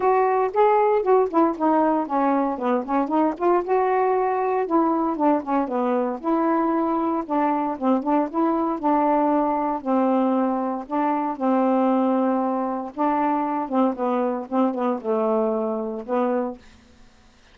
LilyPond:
\new Staff \with { instrumentName = "saxophone" } { \time 4/4 \tempo 4 = 116 fis'4 gis'4 fis'8 e'8 dis'4 | cis'4 b8 cis'8 dis'8 f'8 fis'4~ | fis'4 e'4 d'8 cis'8 b4 | e'2 d'4 c'8 d'8 |
e'4 d'2 c'4~ | c'4 d'4 c'2~ | c'4 d'4. c'8 b4 | c'8 b8 a2 b4 | }